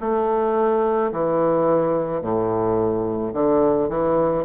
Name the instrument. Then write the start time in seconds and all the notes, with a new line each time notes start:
bassoon
0.00 A3
1.12 E3
2.22 A2
3.33 D3
3.89 E3